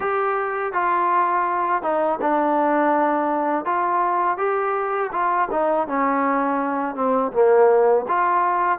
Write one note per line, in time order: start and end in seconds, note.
0.00 0.73 G4
0.73 1.82 F4
1.82 2.19 D#4
2.21 3.65 D4
3.65 4.37 F4
4.37 5.11 G4
5.12 5.48 F4
5.51 5.87 D#4
5.87 6.95 C#4
6.95 7.32 C4
7.32 8.05 A#3
8.08 8.78 F4